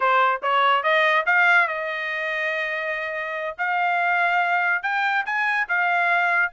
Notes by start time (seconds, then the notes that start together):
0.00 C5
0.42 C#5
0.83 D#5
1.26 F5
1.67 D#5
3.58 F5
4.82 G5
5.25 G#5
5.68 F5